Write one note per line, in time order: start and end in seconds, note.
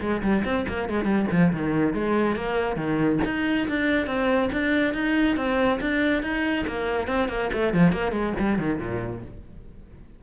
0.00 0.21 G#3
0.22 0.43 G3
0.44 0.65 C4
0.68 0.89 A#3
0.89 1.04 G#3
1.04 1.25 G3
1.31 1.52 F3
1.52 1.94 D#3
1.94 2.36 G#3
2.36 2.76 A#3
2.76 3.19 D#3
3.25 3.67 D#4
3.68 4.06 D4
4.06 4.49 C4
4.52 4.93 D4
4.93 5.36 D#4
5.36 5.79 C4
5.80 6.22 D4
6.22 6.65 D#4
6.67 7.07 A#3
7.07 7.28 C4
7.28 7.50 A#3
7.52 7.73 A3
7.73 7.92 F3
7.92 8.12 A#3
8.12 8.33 G#3
8.39 8.58 G3
8.58 8.79 D#3
8.79 9.21 A#2